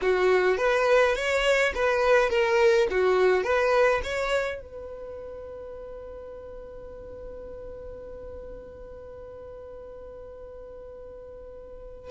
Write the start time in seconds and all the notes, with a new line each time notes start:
0.01 F#4
0.57 B4
1.15 C#5
1.75 B4
2.29 A#4
2.90 F#4
3.43 B4
4.03 C#5
4.61 B4